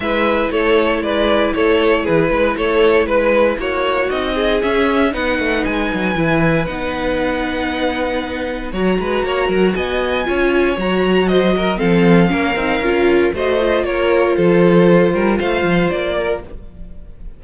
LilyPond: <<
  \new Staff \with { instrumentName = "violin" } { \time 4/4 \tempo 4 = 117 e''4 cis''4 d''4 cis''4 | b'4 cis''4 b'4 cis''4 | dis''4 e''4 fis''4 gis''4~ | gis''4 fis''2.~ |
fis''4 ais''2 gis''4~ | gis''4 ais''4 dis''4 f''4~ | f''2 dis''4 cis''4 | c''2 f''4 d''4 | }
  \new Staff \with { instrumentName = "violin" } { \time 4/4 b'4 a'4 b'4 a'4 | gis'8 b'8 a'4 b'4 fis'4~ | fis'8 gis'4. b'2~ | b'1~ |
b'4 cis''8 b'8 cis''8 ais'8 dis''4 | cis''2 c''8 ais'8 a'4 | ais'2 c''4 ais'4 | a'4. ais'8 c''4. ais'8 | }
  \new Staff \with { instrumentName = "viola" } { \time 4/4 e'1~ | e'1 | dis'4 cis'4 dis'2 | e'4 dis'2.~ |
dis'4 fis'2. | f'4 fis'2 c'4 | cis'8 dis'8 f'4 fis'8 f'4.~ | f'1 | }
  \new Staff \with { instrumentName = "cello" } { \time 4/4 gis4 a4 gis4 a4 | e8 gis8 a4 gis4 ais4 | c'4 cis'4 b8 a8 gis8 fis8 | e4 b2.~ |
b4 fis8 gis8 ais8 fis8 b4 | cis'4 fis2 f4 | ais8 c'8 cis'4 a4 ais4 | f4. g8 a8 f8 ais4 | }
>>